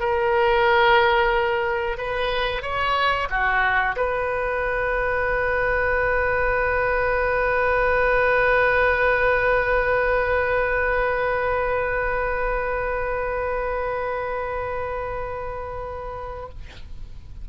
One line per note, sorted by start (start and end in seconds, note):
0.00 1.98 A#4
1.98 2.62 B4
2.62 3.28 C#5
3.30 3.96 F#4
3.97 16.49 B4